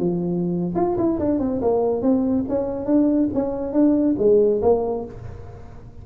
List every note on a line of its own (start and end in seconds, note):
0.00 0.75 F3
0.76 0.97 F4
0.98 1.19 E4
1.20 1.40 D4
1.40 1.61 C4
1.62 2.02 A#3
2.02 2.45 C4
2.49 2.86 C#4
2.86 3.29 D4
3.34 3.73 C#4
3.73 4.16 D4
4.19 4.62 G#3
4.63 5.06 A#3